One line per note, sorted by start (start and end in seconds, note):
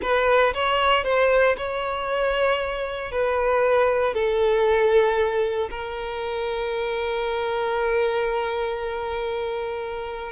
0.01 0.53 B4
0.54 1.04 C#5
1.04 1.55 C5
1.57 3.11 C#5
3.11 4.14 B4
4.14 5.69 A4
5.70 10.32 A#4